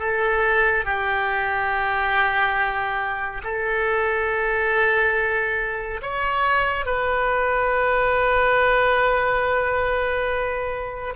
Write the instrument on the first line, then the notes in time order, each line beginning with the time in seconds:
oboe
0.00 A4
0.85 G4
3.44 A4
6.02 C#5
6.86 B4